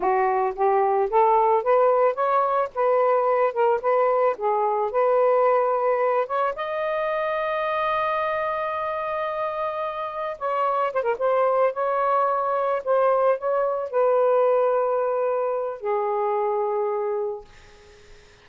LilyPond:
\new Staff \with { instrumentName = "saxophone" } { \time 4/4 \tempo 4 = 110 fis'4 g'4 a'4 b'4 | cis''4 b'4. ais'8 b'4 | gis'4 b'2~ b'8 cis''8 | dis''1~ |
dis''2. cis''4 | c''16 ais'16 c''4 cis''2 c''8~ | c''8 cis''4 b'2~ b'8~ | b'4 gis'2. | }